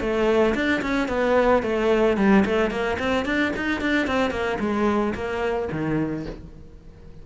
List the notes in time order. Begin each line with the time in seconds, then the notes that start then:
0.00 A3
0.55 D4
0.82 C#4
1.08 B3
1.63 A3
2.17 G3
2.45 A3
2.70 A#3
2.99 C4
3.25 D4
3.56 D#4
3.81 D4
4.07 C4
4.31 A#3
4.60 G#3
5.14 A#3
5.72 D#3